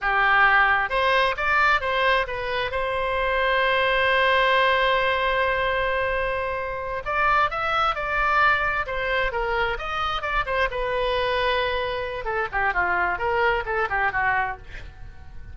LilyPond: \new Staff \with { instrumentName = "oboe" } { \time 4/4 \tempo 4 = 132 g'2 c''4 d''4 | c''4 b'4 c''2~ | c''1~ | c''2.~ c''8 d''8~ |
d''8 e''4 d''2 c''8~ | c''8 ais'4 dis''4 d''8 c''8 b'8~ | b'2. a'8 g'8 | f'4 ais'4 a'8 g'8 fis'4 | }